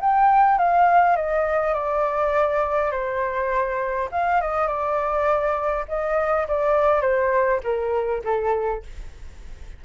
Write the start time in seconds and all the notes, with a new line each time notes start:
0.00 G5
0.58 F5
1.16 D#5
1.74 D5
2.91 C5
4.11 F5
4.41 D#5
4.67 D5
5.88 D#5
6.48 D5
7.01 C5
7.63 A#4
8.24 A4